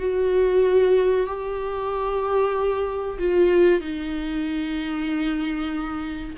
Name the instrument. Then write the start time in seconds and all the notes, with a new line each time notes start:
viola
0.00 F#4
1.27 G4
3.19 F4
3.81 D#4